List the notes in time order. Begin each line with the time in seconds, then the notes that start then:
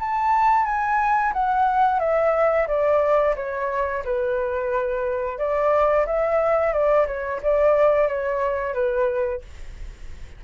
0.00 A5
0.66 G#5
1.34 F#5
2.00 E5
2.68 D5
3.36 C#5
4.05 B4
5.39 D5
6.07 E5
6.74 D5
7.08 C#5
7.43 D5
8.08 C#5
8.74 B4